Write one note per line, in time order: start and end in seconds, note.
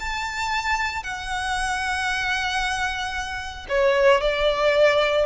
0.00 1.04 A5
1.04 3.67 F#5
3.69 4.21 C#5
4.21 5.26 D5